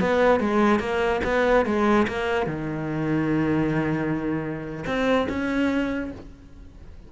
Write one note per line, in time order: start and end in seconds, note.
0.00 0.40 B3
0.40 0.79 G#3
0.79 1.21 A#3
1.24 1.65 B3
1.65 2.07 G#3
2.07 2.46 A#3
2.46 4.84 D#3
4.86 5.28 C4
5.29 6.11 C#4